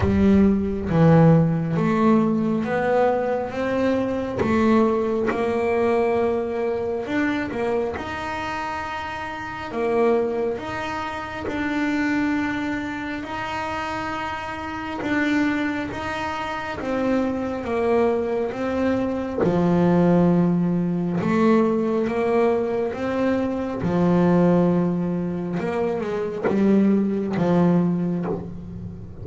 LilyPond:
\new Staff \with { instrumentName = "double bass" } { \time 4/4 \tempo 4 = 68 g4 e4 a4 b4 | c'4 a4 ais2 | d'8 ais8 dis'2 ais4 | dis'4 d'2 dis'4~ |
dis'4 d'4 dis'4 c'4 | ais4 c'4 f2 | a4 ais4 c'4 f4~ | f4 ais8 gis8 g4 f4 | }